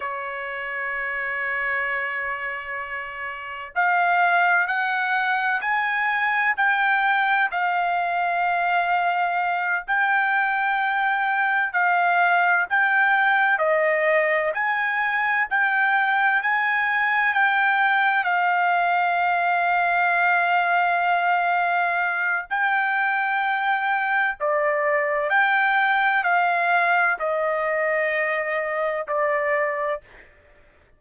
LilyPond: \new Staff \with { instrumentName = "trumpet" } { \time 4/4 \tempo 4 = 64 cis''1 | f''4 fis''4 gis''4 g''4 | f''2~ f''8 g''4.~ | g''8 f''4 g''4 dis''4 gis''8~ |
gis''8 g''4 gis''4 g''4 f''8~ | f''1 | g''2 d''4 g''4 | f''4 dis''2 d''4 | }